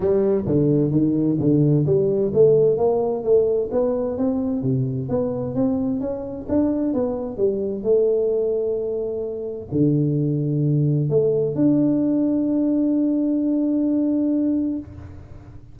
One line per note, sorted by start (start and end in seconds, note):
0.00 0.44 G3
0.46 0.91 D3
0.91 1.37 D#3
1.39 1.85 D3
1.85 2.32 G3
2.33 2.77 A3
2.77 3.23 A#3
3.23 3.69 A3
3.71 4.17 B3
4.17 4.62 C4
4.62 5.08 C3
5.09 5.54 B3
5.54 6.00 C4
6.00 6.46 C#4
6.48 6.93 D4
6.93 7.37 B3
7.37 7.83 G3
7.83 9.68 A3
9.71 11.09 D3
11.09 11.55 A3
11.55 14.78 D4